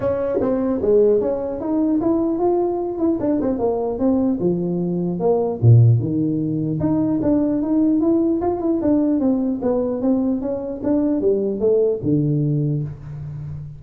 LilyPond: \new Staff \with { instrumentName = "tuba" } { \time 4/4 \tempo 4 = 150 cis'4 c'4 gis4 cis'4 | dis'4 e'4 f'4. e'8 | d'8 c'8 ais4 c'4 f4~ | f4 ais4 ais,4 dis4~ |
dis4 dis'4 d'4 dis'4 | e'4 f'8 e'8 d'4 c'4 | b4 c'4 cis'4 d'4 | g4 a4 d2 | }